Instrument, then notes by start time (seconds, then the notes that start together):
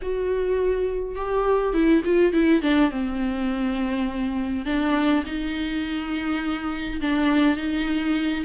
viola
0.02 F#4
1.15 G4
1.73 E4
2.04 F4
2.32 E4
2.61 D4
2.90 C4
4.65 D4
5.25 D#4
7.01 D4
7.56 D#4